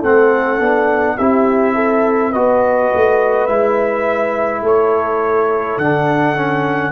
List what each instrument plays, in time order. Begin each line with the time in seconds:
0.00 tuba A3, trombone C4, horn A4, trumpet F#5
0.60 tuba B3, trombone D4
1.18 tuba C4, trombone E4, horn G4, trumpet E5
1.75 horn A4
2.32 tuba B3, trombone F#4, horn B4, trumpet D#5
2.94 tuba A3
3.47 tuba G#3, trombone E4, trumpet E5
4.62 tuba A3, horn A4, trumpet C#5
5.78 tuba D3, trombone D4, trumpet F#5
6.36 trombone C#4